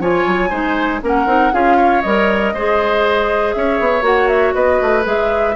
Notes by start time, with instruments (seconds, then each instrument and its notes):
0.00 bassoon F3, clarinet F4, oboe C#5, flute G#5
0.26 bassoon F#3
0.50 bassoon G#3, clarinet D#4, oboe C5
1.02 bassoon A#3, clarinet C#4, oboe A#4, flute F#5
1.26 bassoon C4, clarinet D#4
1.53 bassoon C#4, clarinet F4, oboe G#4, flute F5
1.77 oboe C#5
2.02 bassoon G3, clarinet A#4, flute D#5
2.54 bassoon G#3, clarinet G#4, oboe C5
3.53 bassoon C#4, oboe C#5, flute E5
3.80 bassoon B3
4.02 bassoon A#3, clarinet F#4, flute F#5
4.28 flute E5
4.54 bassoon B3, oboe B4, flute D#5
4.82 bassoon A3
5.04 bassoon G#3, clarinet G#4, flute E5